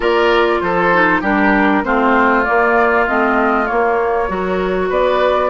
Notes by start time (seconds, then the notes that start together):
0.00 A#3 F4 A#4 D5
0.60 F3 A4 C5
0.93 D#4
1.21 G3 D4 G4 A#4
1.83 A3 C4 F4 C5
2.44 A#3 D5
3.07 A3 C4 D#5
3.66 A#3 C#5
4.28 F#3 F#4 A#4
4.89 B3 B4 D5